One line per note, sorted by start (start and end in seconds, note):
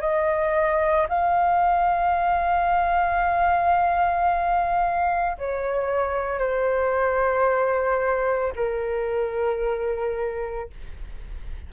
0.00 1.07 D#5
1.09 5.37 F5
5.38 6.38 C#5
6.38 8.53 C5
8.56 10.70 A#4